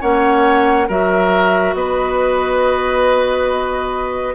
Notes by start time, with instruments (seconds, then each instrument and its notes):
0.00 bassoon A#3, clarinet C#4, oboe C#5, flute F#5
0.87 bassoon F#3, clarinet F#4, oboe A#4, flute E5
1.73 bassoon B3, oboe B4, flute D#5